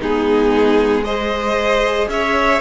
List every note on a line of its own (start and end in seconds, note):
0.00 2.07 G#3
0.00 1.06 B3
0.00 1.04 D#4
0.00 1.04 G#4
1.04 2.61 G#4
1.04 2.09 C5
1.04 2.08 D#5
2.08 2.60 C#4
2.08 2.61 C#5
2.08 2.61 E5